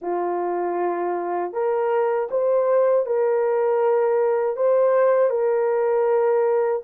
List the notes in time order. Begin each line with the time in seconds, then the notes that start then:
0.01 F4
1.53 A#4
2.30 C5
3.06 A#4
4.56 C5
5.30 A#4